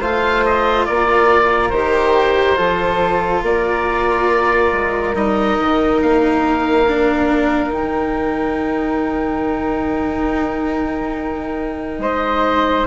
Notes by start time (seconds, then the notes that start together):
0.00 A3 F4 C5 F5
0.45 D#5
0.85 A#3 A#4 D5
1.69 D#3 G4 C5
2.56 F3 F4 A4
3.42 A#3 A#4 D5
4.72 G#3
5.14 G3 D#4 D#5
5.59 D#3
6.02 A#3 F5
6.87 D4
7.70 D#3 D#4 G5
11.98 G#3 C5 D#5